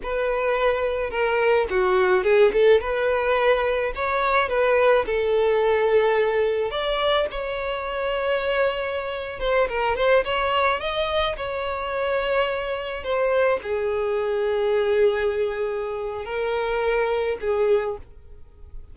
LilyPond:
\new Staff \with { instrumentName = "violin" } { \time 4/4 \tempo 4 = 107 b'2 ais'4 fis'4 | gis'8 a'8 b'2 cis''4 | b'4 a'2. | d''4 cis''2.~ |
cis''8. c''8 ais'8 c''8 cis''4 dis''8.~ | dis''16 cis''2. c''8.~ | c''16 gis'2.~ gis'8.~ | gis'4 ais'2 gis'4 | }